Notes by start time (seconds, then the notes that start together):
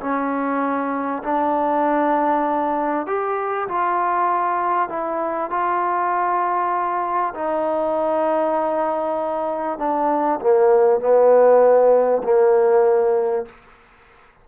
0.00 C#4
1.23 D4
3.06 G4
3.68 F4
4.89 E4
5.50 F4
7.34 D#4
9.78 D4
10.40 A#3
11.00 B3
12.23 A#3